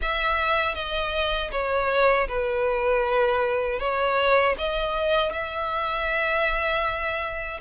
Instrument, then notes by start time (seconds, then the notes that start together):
violin
0.01 E5
0.75 D#5
1.51 C#5
2.28 B4
3.79 C#5
4.58 D#5
5.32 E5